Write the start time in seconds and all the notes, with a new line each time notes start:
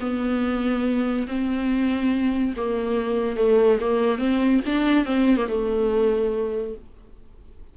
0.00 B3
1.27 C4
2.56 A#3
3.36 A3
3.80 A#3
4.18 C4
4.65 D4
5.05 C4
5.36 A#3
5.48 A3